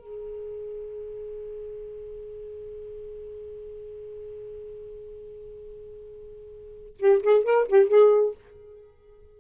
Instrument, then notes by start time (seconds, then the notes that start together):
saxophone
0.00 G#4
6.99 G4
7.23 G#4
7.44 A#4
7.68 G4
7.88 G#4